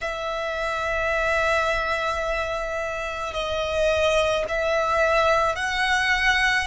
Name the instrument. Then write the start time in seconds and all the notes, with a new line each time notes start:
violin
0.01 E5
3.33 D#5
4.48 E5
5.56 F#5